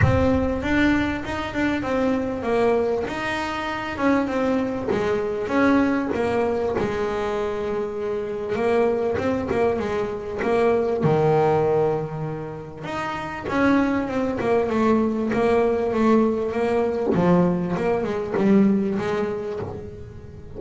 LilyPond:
\new Staff \with { instrumentName = "double bass" } { \time 4/4 \tempo 4 = 98 c'4 d'4 dis'8 d'8 c'4 | ais4 dis'4. cis'8 c'4 | gis4 cis'4 ais4 gis4~ | gis2 ais4 c'8 ais8 |
gis4 ais4 dis2~ | dis4 dis'4 cis'4 c'8 ais8 | a4 ais4 a4 ais4 | f4 ais8 gis8 g4 gis4 | }